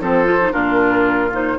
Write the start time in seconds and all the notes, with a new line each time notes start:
0.00 F3 C4 A4 C5
0.25 F4
0.41 D#4
0.52 A#2 D4 F4 A#4
1.32 D#4 C5